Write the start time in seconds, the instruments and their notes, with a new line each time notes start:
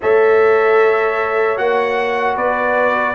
0.01 tuba A3, trombone A4, horn C#5, trumpet E5
1.57 tuba A#3, trombone F#4, trumpet F#5
2.36 tuba B3, horn B4, trumpet D5